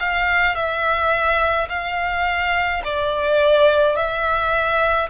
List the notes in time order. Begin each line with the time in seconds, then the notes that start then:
0.00 F5
0.55 E5
1.69 F5
2.84 D5
3.96 E5